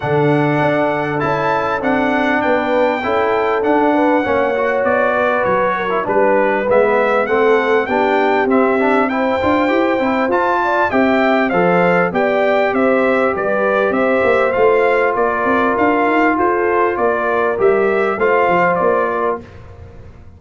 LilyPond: <<
  \new Staff \with { instrumentName = "trumpet" } { \time 4/4 \tempo 4 = 99 fis''2 a''4 fis''4 | g''2 fis''2 | d''4 cis''4 b'4 e''4 | fis''4 g''4 e''4 g''4~ |
g''4 a''4 g''4 f''4 | g''4 e''4 d''4 e''4 | f''4 d''4 f''4 c''4 | d''4 e''4 f''4 d''4 | }
  \new Staff \with { instrumentName = "horn" } { \time 4/4 a'1 | b'4 a'4. b'8 cis''4~ | cis''8 b'4 ais'8 b'2 | a'4 g'2 c''4~ |
c''4. d''8 e''4 c''4 | d''4 c''4 b'4 c''4~ | c''4 ais'2 a'4 | ais'2 c''4. ais'8 | }
  \new Staff \with { instrumentName = "trombone" } { \time 4/4 d'2 e'4 d'4~ | d'4 e'4 d'4 cis'8 fis'8~ | fis'4.~ fis'16 e'16 d'4 b4 | c'4 d'4 c'8 d'8 e'8 f'8 |
g'8 e'8 f'4 g'4 a'4 | g'1 | f'1~ | f'4 g'4 f'2 | }
  \new Staff \with { instrumentName = "tuba" } { \time 4/4 d4 d'4 cis'4 c'4 | b4 cis'4 d'4 ais4 | b4 fis4 g4 gis4 | a4 b4 c'4. d'8 |
e'8 c'8 f'4 c'4 f4 | b4 c'4 g4 c'8 ais8 | a4 ais8 c'8 d'8 dis'8 f'4 | ais4 g4 a8 f8 ais4 | }
>>